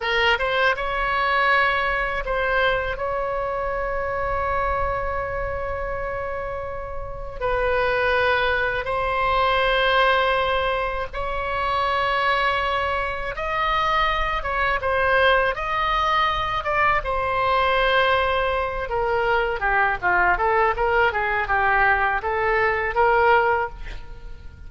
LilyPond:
\new Staff \with { instrumentName = "oboe" } { \time 4/4 \tempo 4 = 81 ais'8 c''8 cis''2 c''4 | cis''1~ | cis''2 b'2 | c''2. cis''4~ |
cis''2 dis''4. cis''8 | c''4 dis''4. d''8 c''4~ | c''4. ais'4 g'8 f'8 a'8 | ais'8 gis'8 g'4 a'4 ais'4 | }